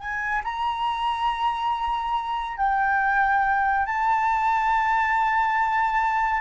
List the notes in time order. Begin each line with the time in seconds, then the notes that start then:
0.00 G#5
0.44 A#5
2.58 G5
3.86 A5